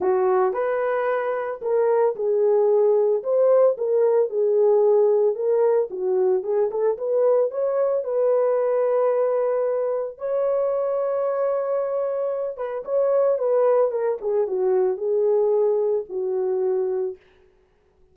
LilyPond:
\new Staff \with { instrumentName = "horn" } { \time 4/4 \tempo 4 = 112 fis'4 b'2 ais'4 | gis'2 c''4 ais'4 | gis'2 ais'4 fis'4 | gis'8 a'8 b'4 cis''4 b'4~ |
b'2. cis''4~ | cis''2.~ cis''8 b'8 | cis''4 b'4 ais'8 gis'8 fis'4 | gis'2 fis'2 | }